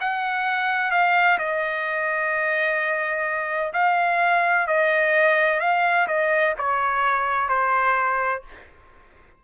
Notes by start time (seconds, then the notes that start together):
0.00 F#5
0.91 F5
1.38 D#5
3.73 F5
4.67 D#5
5.60 F5
6.07 D#5
6.58 C#5
7.48 C5